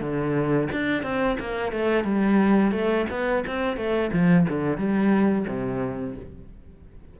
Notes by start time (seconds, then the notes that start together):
0.00 D3
0.72 D4
1.03 C4
1.39 A#3
1.71 A3
2.04 G3
2.71 A3
3.09 B3
3.46 C4
3.77 A3
4.12 F3
4.48 D3
4.77 G3
5.47 C3